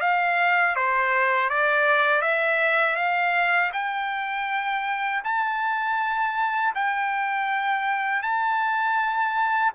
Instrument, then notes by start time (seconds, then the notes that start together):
trumpet
0.00 F5
0.75 C5
1.49 D5
2.21 E5
2.95 F5
3.73 G5
5.24 A5
6.74 G5
8.22 A5